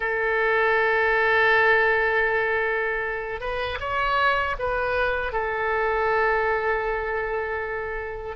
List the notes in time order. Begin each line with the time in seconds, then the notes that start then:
0.00 A4
3.40 B4
3.80 C#5
4.58 B4
5.32 A4